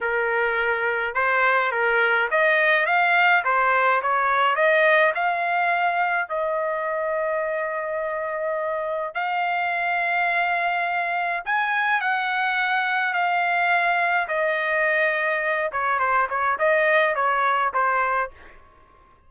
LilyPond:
\new Staff \with { instrumentName = "trumpet" } { \time 4/4 \tempo 4 = 105 ais'2 c''4 ais'4 | dis''4 f''4 c''4 cis''4 | dis''4 f''2 dis''4~ | dis''1 |
f''1 | gis''4 fis''2 f''4~ | f''4 dis''2~ dis''8 cis''8 | c''8 cis''8 dis''4 cis''4 c''4 | }